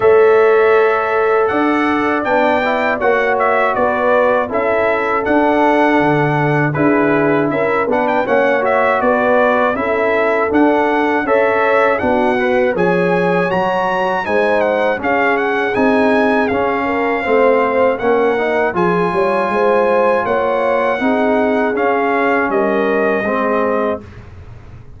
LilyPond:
<<
  \new Staff \with { instrumentName = "trumpet" } { \time 4/4 \tempo 4 = 80 e''2 fis''4 g''4 | fis''8 e''8 d''4 e''4 fis''4~ | fis''4 b'4 e''8 fis''16 g''16 fis''8 e''8 | d''4 e''4 fis''4 e''4 |
fis''4 gis''4 ais''4 gis''8 fis''8 | f''8 fis''8 gis''4 f''2 | fis''4 gis''2 fis''4~ | fis''4 f''4 dis''2 | }
  \new Staff \with { instrumentName = "horn" } { \time 4/4 cis''2 d''2 | cis''4 b'4 a'2~ | a'4 gis'4 ais'8 b'8 cis''4 | b'4 a'2 cis''4 |
fis'4 cis''2 c''4 | gis'2~ gis'8 ais'8 c''4 | ais'4 gis'8 cis''8 c''4 cis''4 | gis'2 ais'4 gis'4 | }
  \new Staff \with { instrumentName = "trombone" } { \time 4/4 a'2. d'8 e'8 | fis'2 e'4 d'4~ | d'4 e'4. d'8 cis'8 fis'8~ | fis'4 e'4 d'4 a'4 |
d'8 b'8 gis'4 fis'4 dis'4 | cis'4 dis'4 cis'4 c'4 | cis'8 dis'8 f'2. | dis'4 cis'2 c'4 | }
  \new Staff \with { instrumentName = "tuba" } { \time 4/4 a2 d'4 b4 | ais4 b4 cis'4 d'4 | d4 d'4 cis'8 b8 ais4 | b4 cis'4 d'4 cis'4 |
b4 f4 fis4 gis4 | cis'4 c'4 cis'4 a4 | ais4 f8 g8 gis4 ais4 | c'4 cis'4 g4 gis4 | }
>>